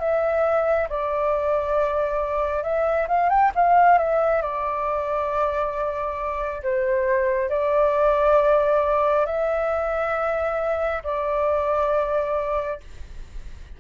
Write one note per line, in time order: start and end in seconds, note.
0.00 0.88 E5
0.89 2.64 D5
2.64 3.08 E5
3.08 3.30 F5
3.30 3.52 G5
3.55 3.99 F5
3.99 4.42 E5
4.42 6.63 D5
6.63 7.50 C5
7.50 9.26 D5
9.26 11.03 E5
11.04 12.81 D5